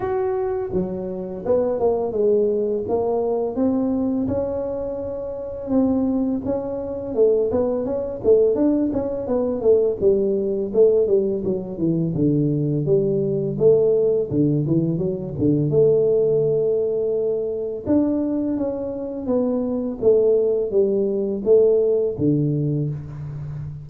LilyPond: \new Staff \with { instrumentName = "tuba" } { \time 4/4 \tempo 4 = 84 fis'4 fis4 b8 ais8 gis4 | ais4 c'4 cis'2 | c'4 cis'4 a8 b8 cis'8 a8 | d'8 cis'8 b8 a8 g4 a8 g8 |
fis8 e8 d4 g4 a4 | d8 e8 fis8 d8 a2~ | a4 d'4 cis'4 b4 | a4 g4 a4 d4 | }